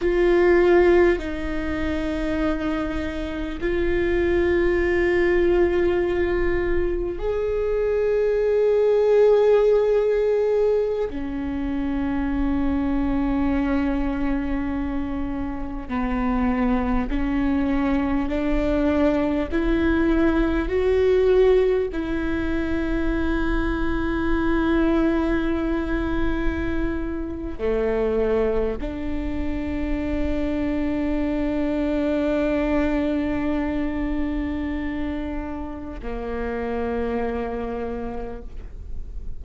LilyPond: \new Staff \with { instrumentName = "viola" } { \time 4/4 \tempo 4 = 50 f'4 dis'2 f'4~ | f'2 gis'2~ | gis'4~ gis'16 cis'2~ cis'8.~ | cis'4~ cis'16 b4 cis'4 d'8.~ |
d'16 e'4 fis'4 e'4.~ e'16~ | e'2. a4 | d'1~ | d'2 ais2 | }